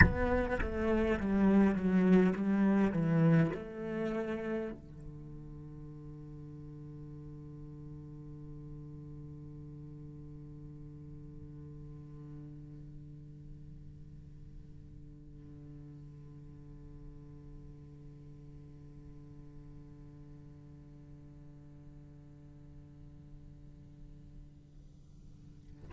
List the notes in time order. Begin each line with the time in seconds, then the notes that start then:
0.01 B3
0.60 A3
1.19 G3
1.74 F#3
2.35 G3
2.91 E3
3.53 A3
4.72 D3